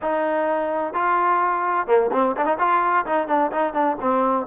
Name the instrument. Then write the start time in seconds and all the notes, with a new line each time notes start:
trombone
0.01 D#4
0.93 F4
1.86 A#3
2.12 C4
2.37 D4
2.45 D#4
2.58 F4
3.06 D#4
3.27 D4
3.51 D#4
3.73 D4
4.00 C4